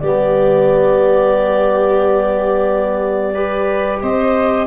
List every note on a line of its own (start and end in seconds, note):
0.00 4.02 G3
0.00 3.35 B3
0.00 3.34 G4
0.00 4.00 D5
3.34 4.67 G4
3.34 4.01 B4
4.02 4.67 C4
4.02 4.67 C5
4.02 4.67 D#5